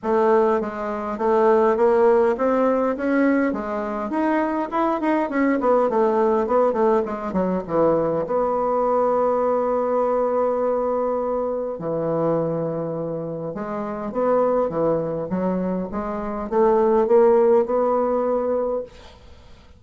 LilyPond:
\new Staff \with { instrumentName = "bassoon" } { \time 4/4 \tempo 4 = 102 a4 gis4 a4 ais4 | c'4 cis'4 gis4 dis'4 | e'8 dis'8 cis'8 b8 a4 b8 a8 | gis8 fis8 e4 b2~ |
b1 | e2. gis4 | b4 e4 fis4 gis4 | a4 ais4 b2 | }